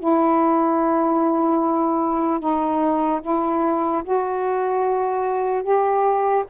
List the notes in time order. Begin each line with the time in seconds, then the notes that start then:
0.00 E4
2.40 D#4
3.22 E4
4.04 F#4
5.64 G4